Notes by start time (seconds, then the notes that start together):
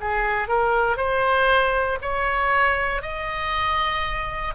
0.00 G#4
0.48 A#4
0.97 C5
2.01 C#5
3.01 D#5